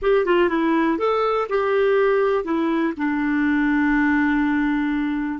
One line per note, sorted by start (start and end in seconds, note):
0.02 0.25 G4
0.25 0.49 F4
0.49 0.98 E4
0.98 1.47 A4
1.49 2.44 G4
2.44 2.93 E4
2.97 5.39 D4